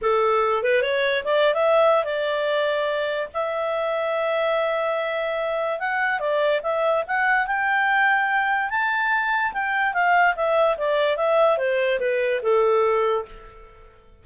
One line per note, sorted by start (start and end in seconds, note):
0.01 0.63 A4
0.63 0.82 B4
0.82 1.23 C#5
1.24 1.53 D5
1.53 2.04 E5
2.04 3.28 D5
3.33 5.79 E5
5.79 6.19 F#5
6.19 6.60 D5
6.63 7.04 E5
7.07 7.47 F#5
7.47 8.70 G5
8.70 9.52 A5
9.53 9.93 G5
9.93 10.34 F5
10.35 10.77 E5
10.77 11.16 D5
11.16 11.57 E5
11.57 11.99 C5
11.99 12.41 B4
12.42 13.25 A4